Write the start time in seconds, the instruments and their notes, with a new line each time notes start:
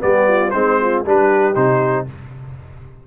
0.00 tuba G3, trombone B3, horn G4, trumpet D5
0.28 horn F4
0.51 tuba G#3, trombone C4, horn D#4, trumpet C5
0.81 horn F4
1.05 tuba G3, trombone D4, horn G4, trumpet B4
1.55 tuba C3, trombone D#4, trumpet C5